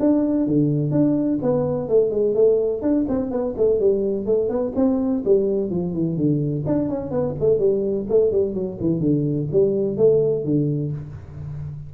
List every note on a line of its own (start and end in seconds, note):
0.00 0.47 D4
0.47 0.92 D3
0.92 1.39 D4
1.42 1.89 B3
1.89 2.11 A3
2.11 2.35 G#3
2.35 2.82 A3
2.82 3.06 D4
3.09 3.31 C4
3.31 3.55 B3
3.58 3.80 A3
3.80 4.26 G3
4.26 4.49 A3
4.49 4.73 B3
4.76 5.24 C4
5.25 5.71 G3
5.71 5.94 F3
5.94 6.17 E3
6.17 6.65 D3
6.67 6.89 D4
6.89 7.11 C#4
7.11 7.35 B3
7.40 7.59 A3
7.59 8.07 G3
8.10 8.32 A3
8.32 8.54 G3
8.54 8.78 F#3
8.81 9.00 E3
9.00 9.48 D3
9.52 9.97 G3
9.97 10.45 A3
10.45 10.92 D3